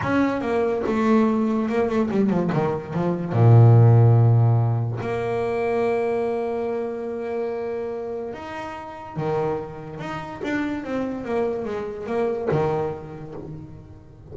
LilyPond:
\new Staff \with { instrumentName = "double bass" } { \time 4/4 \tempo 4 = 144 cis'4 ais4 a2 | ais8 a8 g8 f8 dis4 f4 | ais,1 | ais1~ |
ais1 | dis'2 dis2 | dis'4 d'4 c'4 ais4 | gis4 ais4 dis2 | }